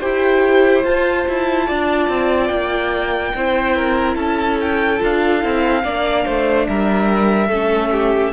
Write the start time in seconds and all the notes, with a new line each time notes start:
0.00 E4 G4 C5 G5
0.85 F4 A5
1.28 E4
1.67 D4 D5
2.09 C4
2.48 A#3 G5
3.35 C4 E4 C5
3.77 A#4
4.16 C#4 A4 A5
4.61 G5
5.00 D4 F4 F5
5.42 C4 E4
5.84 A#3 D4 D5
6.26 A3 C5
6.68 G3 A#4 E5
7.49 A3 C#4 A4
7.92 G4